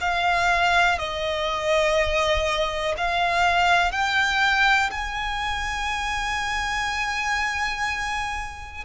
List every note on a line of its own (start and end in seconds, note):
0.00 0.98 F5
0.98 2.95 D#5
2.97 3.92 F5
3.92 4.90 G5
4.91 8.84 G#5